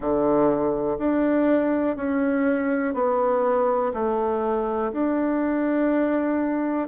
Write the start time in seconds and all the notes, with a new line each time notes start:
0.00 D3
0.98 D4
1.96 C#4
2.93 B3
3.93 A3
4.92 D4